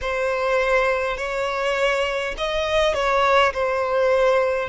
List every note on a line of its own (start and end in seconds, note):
0.01 1.17 C5
1.17 2.35 C#5
2.37 2.94 D#5
2.94 3.52 C#5
3.53 4.68 C5